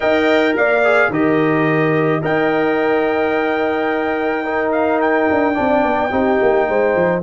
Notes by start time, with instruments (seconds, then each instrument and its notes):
0.00 tuba D#4, trombone A#4, horn D#5, trumpet G5
0.56 tuba A#3, horn D5, trumpet F5
0.84 trombone G#4
1.09 tuba D#3, trombone G4, horn A#4, trumpet D#5
2.21 tuba D#4, trombone A#4, horn D#5, trumpet G5
4.43 trombone D#4, horn A#4
4.71 trumpet F5
5.00 trumpet G5
5.30 tuba D4
5.54 tuba C4, trombone D4, horn D5
5.83 tuba B3
6.11 tuba C4, trombone D#4, horn G4
6.41 tuba A#3
6.68 tuba G#3, horn C5
6.95 tuba F3